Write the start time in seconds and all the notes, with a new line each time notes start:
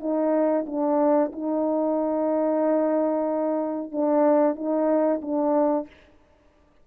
0.00 D#4
0.66 D4
1.32 D#4
3.92 D4
4.56 D#4
5.21 D4